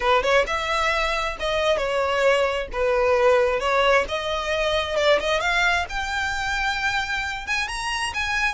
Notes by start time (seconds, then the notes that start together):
0.00 B4
0.22 C#5
0.46 E5
1.39 D#5
1.77 C#5
2.72 B4
3.60 C#5
4.08 D#5
4.96 D5
5.19 D#5
5.40 F5
5.89 G5
7.46 G#5
7.68 A#5
8.14 G#5